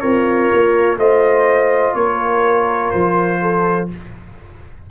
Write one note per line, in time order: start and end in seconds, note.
0.00 0.51 C4
0.00 0.99 F4
0.00 0.97 A#4
0.00 0.97 C#5
0.54 0.96 A#3
0.96 1.93 A3
0.96 3.89 F4
0.96 1.96 C5
0.96 1.95 D#5
1.95 2.92 A#3
1.95 3.41 A#4
1.95 2.91 C#5
2.91 3.91 F3
2.91 3.88 C5
3.41 3.90 A4